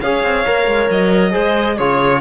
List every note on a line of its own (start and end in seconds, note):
0.00 0.22 C#4
0.00 0.46 G#4
0.00 1.31 C#5
0.00 0.89 F5
0.22 0.45 C4
0.46 0.67 A#3
0.46 1.31 A#4
0.67 0.89 G#3
0.90 1.34 F#3
0.90 1.77 D#5
1.31 1.79 G#3
1.31 1.75 G#4
1.31 1.76 C5
1.76 2.21 C#3
1.76 2.21 F4
1.76 2.20 G#4
1.76 2.21 C#5